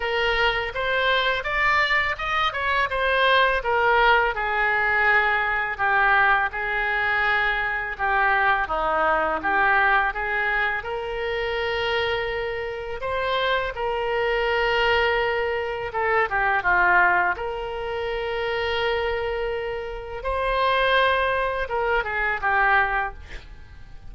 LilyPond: \new Staff \with { instrumentName = "oboe" } { \time 4/4 \tempo 4 = 83 ais'4 c''4 d''4 dis''8 cis''8 | c''4 ais'4 gis'2 | g'4 gis'2 g'4 | dis'4 g'4 gis'4 ais'4~ |
ais'2 c''4 ais'4~ | ais'2 a'8 g'8 f'4 | ais'1 | c''2 ais'8 gis'8 g'4 | }